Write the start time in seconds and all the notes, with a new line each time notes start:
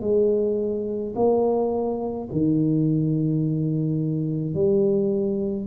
0.00 G#3
1.15 A#3
2.31 D#3
4.54 G3